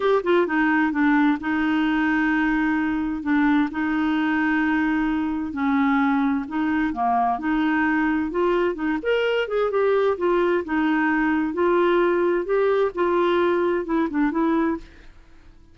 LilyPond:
\new Staff \with { instrumentName = "clarinet" } { \time 4/4 \tempo 4 = 130 g'8 f'8 dis'4 d'4 dis'4~ | dis'2. d'4 | dis'1 | cis'2 dis'4 ais4 |
dis'2 f'4 dis'8 ais'8~ | ais'8 gis'8 g'4 f'4 dis'4~ | dis'4 f'2 g'4 | f'2 e'8 d'8 e'4 | }